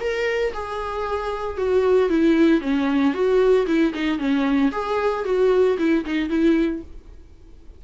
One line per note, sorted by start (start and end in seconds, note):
0.00 0.53 A#4
0.53 1.57 G#4
1.57 2.10 F#4
2.10 2.61 E4
2.61 3.14 C#4
3.14 3.66 F#4
3.66 3.93 E4
3.94 4.18 D#4
4.18 4.71 C#4
4.72 5.24 G#4
5.25 5.77 F#4
5.78 6.05 E4
6.05 6.29 D#4
6.29 6.82 E4